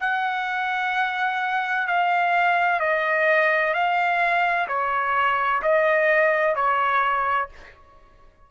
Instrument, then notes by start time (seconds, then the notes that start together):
trumpet
0.00 F#5
1.87 F5
2.80 D#5
3.74 F5
4.68 C#5
5.62 D#5
6.55 C#5